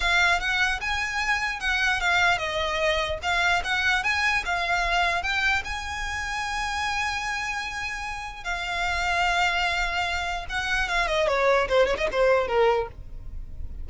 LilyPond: \new Staff \with { instrumentName = "violin" } { \time 4/4 \tempo 4 = 149 f''4 fis''4 gis''2 | fis''4 f''4 dis''2 | f''4 fis''4 gis''4 f''4~ | f''4 g''4 gis''2~ |
gis''1~ | gis''4 f''2.~ | f''2 fis''4 f''8 dis''8 | cis''4 c''8 cis''16 dis''16 c''4 ais'4 | }